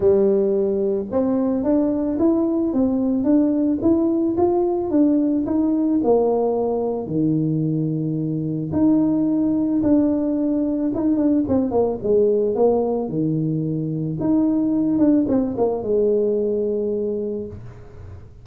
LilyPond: \new Staff \with { instrumentName = "tuba" } { \time 4/4 \tempo 4 = 110 g2 c'4 d'4 | e'4 c'4 d'4 e'4 | f'4 d'4 dis'4 ais4~ | ais4 dis2. |
dis'2 d'2 | dis'8 d'8 c'8 ais8 gis4 ais4 | dis2 dis'4. d'8 | c'8 ais8 gis2. | }